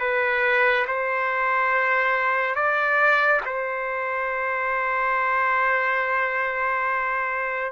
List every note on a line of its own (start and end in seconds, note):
0.00 0.86 B4
0.87 2.55 C5
2.55 3.41 D5
3.46 7.72 C5